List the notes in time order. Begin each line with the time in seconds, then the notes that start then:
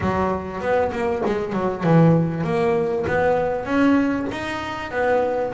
0.00 F#3
0.60 B3
0.92 A#3
1.26 G#3
1.53 F#3
1.83 E3
2.44 A#3
3.07 B3
3.65 C#4
4.31 D#4
4.91 B3